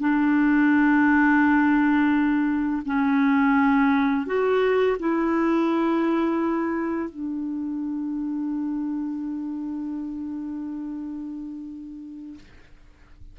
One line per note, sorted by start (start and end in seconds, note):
0.00 2.82 D4
2.86 4.26 C#4
4.26 4.97 F#4
4.99 7.09 E4
7.09 12.39 D4